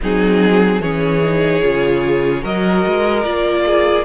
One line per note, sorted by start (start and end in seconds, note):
0.02 0.80 F#3
0.02 0.81 C4
0.02 0.81 D#4
0.02 0.81 G#4
0.80 1.61 E3
0.80 1.22 C#4
0.80 2.42 G#4
0.80 2.43 C#5
1.23 1.62 D#4
1.62 2.44 C#3
1.62 2.41 F4
2.41 2.84 F#3
2.41 3.22 F#4
2.41 3.64 A#4
2.41 3.23 D#5
2.86 3.25 G#3
3.23 4.05 A#3
3.23 4.05 F4
3.23 4.04 D5
3.66 4.05 G#4